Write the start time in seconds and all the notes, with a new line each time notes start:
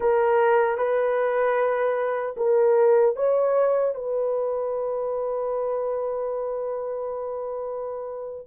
0.00 A#4
0.77 B4
2.36 A#4
3.16 C#5
3.95 B4